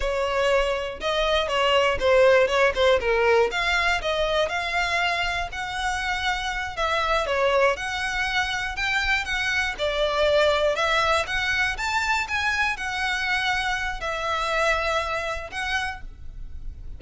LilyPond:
\new Staff \with { instrumentName = "violin" } { \time 4/4 \tempo 4 = 120 cis''2 dis''4 cis''4 | c''4 cis''8 c''8 ais'4 f''4 | dis''4 f''2 fis''4~ | fis''4. e''4 cis''4 fis''8~ |
fis''4. g''4 fis''4 d''8~ | d''4. e''4 fis''4 a''8~ | a''8 gis''4 fis''2~ fis''8 | e''2. fis''4 | }